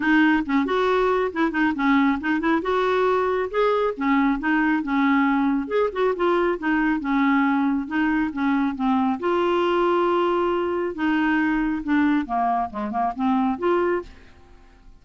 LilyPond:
\new Staff \with { instrumentName = "clarinet" } { \time 4/4 \tempo 4 = 137 dis'4 cis'8 fis'4. e'8 dis'8 | cis'4 dis'8 e'8 fis'2 | gis'4 cis'4 dis'4 cis'4~ | cis'4 gis'8 fis'8 f'4 dis'4 |
cis'2 dis'4 cis'4 | c'4 f'2.~ | f'4 dis'2 d'4 | ais4 gis8 ais8 c'4 f'4 | }